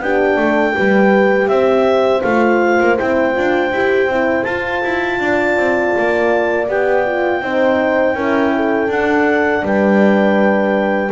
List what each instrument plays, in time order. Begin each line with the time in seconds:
0.00 double bass B3, horn D4 G4, clarinet G5
0.36 double bass A3, horn A4
0.75 double bass G3, horn G4 B4
1.48 double bass C4, horn C5, clarinet E5
2.22 double bass A3, horn F4, clarinet F5
2.80 double bass A#3
2.97 double bass C4, horn E4, clarinet G5
3.33 double bass D4, horn F4
3.72 double bass E4, horn G4
4.07 double bass C4, horn E4
4.43 double bass F4, horn F4, clarinet A5
4.83 double bass E4
5.19 double bass D4, horn D5
5.57 double bass C4
5.98 double bass A#3
6.68 double bass B3, horn G4, clarinet G5
7.05 horn F4
7.41 double bass C4, horn D#4 C5
8.14 double bass C#4, horn E4 A#4
8.56 horn A4
8.88 double bass D4, horn D4, clarinet F#5
9.62 double bass G3, horn B4, clarinet G5